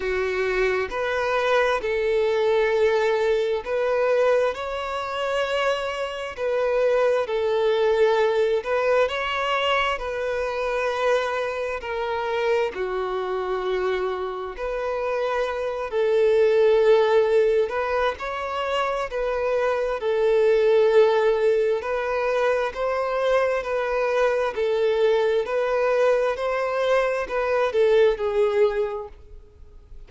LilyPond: \new Staff \with { instrumentName = "violin" } { \time 4/4 \tempo 4 = 66 fis'4 b'4 a'2 | b'4 cis''2 b'4 | a'4. b'8 cis''4 b'4~ | b'4 ais'4 fis'2 |
b'4. a'2 b'8 | cis''4 b'4 a'2 | b'4 c''4 b'4 a'4 | b'4 c''4 b'8 a'8 gis'4 | }